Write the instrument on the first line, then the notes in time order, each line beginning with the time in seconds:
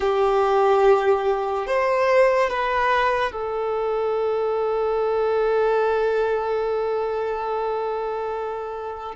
violin
0.00 G4
1.66 C5
2.50 B4
3.32 A4